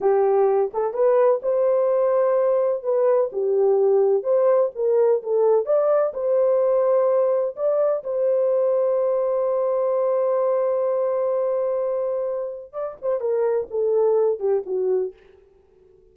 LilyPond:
\new Staff \with { instrumentName = "horn" } { \time 4/4 \tempo 4 = 127 g'4. a'8 b'4 c''4~ | c''2 b'4 g'4~ | g'4 c''4 ais'4 a'4 | d''4 c''2. |
d''4 c''2.~ | c''1~ | c''2. d''8 c''8 | ais'4 a'4. g'8 fis'4 | }